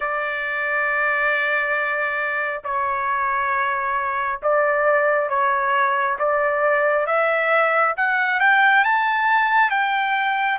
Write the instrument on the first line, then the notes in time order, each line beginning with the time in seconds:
trumpet
0.00 D5
2.64 C#5
4.42 D5
5.29 C#5
6.18 D5
7.06 E5
7.97 F#5
8.40 G5
8.84 A5
9.70 G5